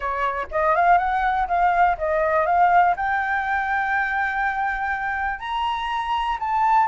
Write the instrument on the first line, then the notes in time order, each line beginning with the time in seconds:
flute
0.00 C#5
0.51 D#5
0.75 F5
0.97 F#5
1.47 F5
1.98 D#5
2.46 F5
2.96 G5
5.39 A#5
6.39 A5